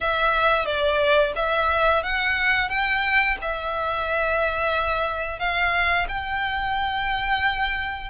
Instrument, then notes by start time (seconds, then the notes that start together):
violin
0.00 E5
0.65 D5
1.35 E5
2.03 F#5
2.69 G5
3.41 E5
5.39 F5
6.08 G5